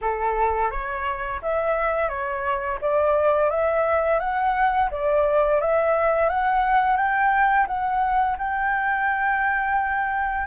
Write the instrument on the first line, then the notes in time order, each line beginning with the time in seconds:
flute
0.01 A4
0.70 C#5
1.41 E5
2.09 C#5
2.81 D5
3.49 E5
4.19 F#5
4.91 D5
5.60 E5
6.29 F#5
6.96 G5
7.67 F#5
8.38 G5